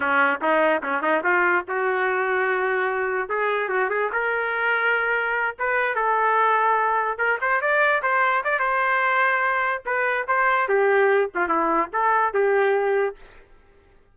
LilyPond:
\new Staff \with { instrumentName = "trumpet" } { \time 4/4 \tempo 4 = 146 cis'4 dis'4 cis'8 dis'8 f'4 | fis'1 | gis'4 fis'8 gis'8 ais'2~ | ais'4. b'4 a'4.~ |
a'4. ais'8 c''8 d''4 c''8~ | c''8 d''8 c''2. | b'4 c''4 g'4. f'8 | e'4 a'4 g'2 | }